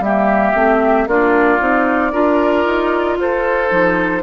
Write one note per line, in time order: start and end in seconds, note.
0.00 0.53 G3
0.00 0.55 A#3
0.00 1.09 G4
0.00 1.09 E5
0.55 1.07 A3
0.55 1.08 C4
1.07 1.60 A#3
1.07 1.59 D4
1.07 2.13 F4
1.07 3.20 D5
1.59 2.13 C4
1.59 2.12 D#4
2.13 2.66 D4
2.13 3.69 F4
2.13 3.18 A#4
2.66 3.18 D#4
3.18 3.71 F4
3.18 4.23 A4
3.18 4.23 C5
3.69 4.23 F3
3.69 4.22 D#4